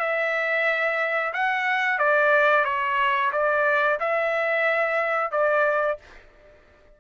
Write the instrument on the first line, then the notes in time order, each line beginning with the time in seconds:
trumpet
0.00 E5
1.34 F#5
1.99 D5
2.65 C#5
3.33 D5
4.00 E5
5.32 D5